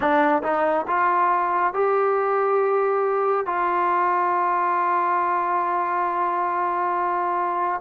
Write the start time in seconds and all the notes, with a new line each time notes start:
0.00 D4
0.42 D#4
0.87 F4
1.73 G4
3.45 F4